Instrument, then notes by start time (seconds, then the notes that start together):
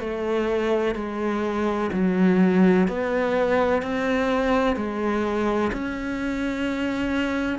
cello
0.00 A3
0.95 G#3
1.93 F#3
2.88 B3
3.82 C4
4.76 G#3
5.73 C#4